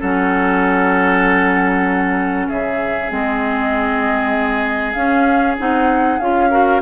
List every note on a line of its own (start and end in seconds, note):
0.00 2.49 F#3
0.00 3.09 C#4
0.00 2.47 A4
0.00 2.49 F#5
2.48 3.10 C#3
2.48 6.50 G#4
2.48 3.10 E5
3.09 4.95 G#3
3.09 4.94 C4
3.09 4.93 D#5
4.93 5.56 C#4
4.93 5.57 C#4
4.93 5.55 F5
5.58 6.19 C4
5.58 6.20 D#4
5.58 6.19 F#5
6.19 6.81 C#4
6.19 6.51 F4
6.19 6.81 F5
6.50 6.81 F#4
6.50 6.81 A#4